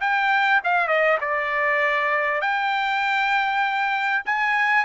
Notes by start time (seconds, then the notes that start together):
0.00 G5
0.64 F5
0.87 D#5
1.20 D5
2.41 G5
4.25 G#5